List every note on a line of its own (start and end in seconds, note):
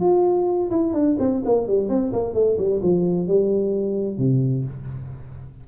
0.00 0.70 F4
0.70 0.93 E4
0.93 1.16 D4
1.19 1.42 C4
1.45 1.67 A#3
1.67 1.89 G3
1.89 2.12 C4
2.12 2.33 A#3
2.33 2.57 A3
2.58 2.81 G3
2.82 3.27 F3
3.27 4.18 G3
4.18 4.64 C3